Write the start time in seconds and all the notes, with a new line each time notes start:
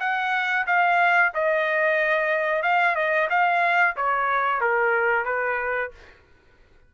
0.00 F#5
0.67 F5
1.34 D#5
2.63 F5
2.96 D#5
3.30 F5
3.97 C#5
4.61 A#4
5.25 B4